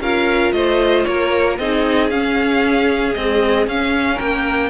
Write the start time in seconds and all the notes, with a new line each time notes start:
0.00 C#4 F4 A#4 F5
0.52 A3 C5 D#5
1.04 A#3 A#4 C#5
1.58 C4 D#4 G#4 D#5
2.09 C#4 F5
3.14 G#3 C4 D#5
3.67 C#4 F5
4.14 A#3 A#4 G5